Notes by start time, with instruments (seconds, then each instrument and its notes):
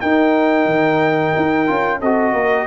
0.00 trombone D#4, tuba D#4, horn A#4, trumpet G5
0.65 tuba D#3
1.36 tuba D#4
1.66 tuba C#4, trombone F4
2.00 tuba C4, trombone F#4, horn A4, trumpet D#5
2.33 tuba A#3, horn A#4